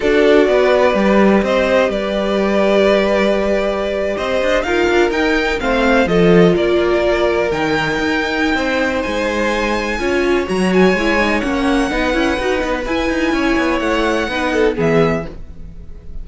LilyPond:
<<
  \new Staff \with { instrumentName = "violin" } { \time 4/4 \tempo 4 = 126 d''2. dis''4 | d''1~ | d''8. dis''4 f''4 g''4 f''16~ | f''8. dis''4 d''2 g''16~ |
g''2. gis''4~ | gis''2 ais''8 gis''4. | fis''2. gis''4~ | gis''4 fis''2 e''4 | }
  \new Staff \with { instrumentName = "violin" } { \time 4/4 a'4 b'2 c''4 | b'1~ | b'8. c''4 ais'2 c''16~ | c''8. a'4 ais'2~ ais'16~ |
ais'2 c''2~ | c''4 cis''2.~ | cis''4 b'2. | cis''2 b'8 a'8 gis'4 | }
  \new Staff \with { instrumentName = "viola" } { \time 4/4 fis'2 g'2~ | g'1~ | g'4.~ g'16 f'4 dis'4 c'16~ | c'8. f'2. dis'16~ |
dis'1~ | dis'4 f'4 fis'4 e'8 dis'8 | cis'4 dis'8 e'8 fis'8 dis'8 e'4~ | e'2 dis'4 b4 | }
  \new Staff \with { instrumentName = "cello" } { \time 4/4 d'4 b4 g4 c'4 | g1~ | g8. c'8 d'8 dis'8 d'8 dis'4 a16~ | a8. f4 ais2 dis16~ |
dis8. dis'4~ dis'16 c'4 gis4~ | gis4 cis'4 fis4 gis4 | ais4 b8 cis'8 dis'8 b8 e'8 dis'8 | cis'8 b8 a4 b4 e4 | }
>>